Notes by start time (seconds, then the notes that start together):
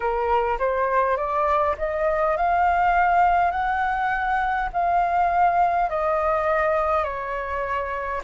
0.00 A#4
0.58 C5
1.17 D5
1.78 D#5
2.36 F5
3.51 F#5
4.73 F5
5.89 D#5
7.04 C#5